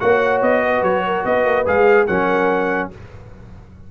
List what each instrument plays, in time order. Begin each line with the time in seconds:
0.00 tuba A#3, trombone F#4, horn C#5, trumpet F#5
0.42 tuba B3, trumpet D#5
0.64 horn B4
0.83 tuba F#3, trumpet C#5
1.05 horn A#4
1.25 tuba B3, horn B4, trumpet D#5
1.45 tuba A#3
1.66 tuba G#3, trombone G#4, trumpet F5
2.07 tuba F#3, trombone C#4, horn A#4, trumpet F#5